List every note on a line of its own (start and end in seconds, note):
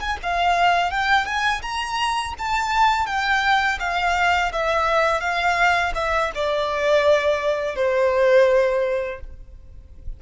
0.00 0.18 G#5
0.23 0.91 F5
0.91 1.26 G5
1.26 1.62 G#5
1.62 2.34 A#5
2.39 3.06 A5
3.06 3.79 G5
3.80 4.52 F5
4.52 5.20 E5
5.20 5.93 F5
5.95 6.31 E5
6.35 7.75 D5
7.75 9.20 C5